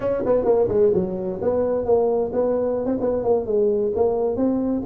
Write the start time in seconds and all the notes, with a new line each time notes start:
0.00 C#4
0.25 B3
0.44 A#3
0.68 G#3
0.93 F#3
1.41 B3
1.85 A#3
2.32 B3
2.85 C4
3.00 B3
3.23 A#3
3.46 G#3
3.95 A#3
4.36 C4